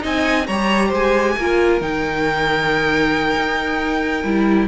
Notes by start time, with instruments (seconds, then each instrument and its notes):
0.00 cello C4, viola D#4, violin D#5 G#5
0.47 cello G3, viola G4, violin C#5 A#5
0.89 cello G#3, violin C5 G#5
1.37 cello A#3, viola F4, violin A#4
1.81 cello D#3, viola D#4, violin G5
3.36 cello D#4
4.24 cello G3, viola E4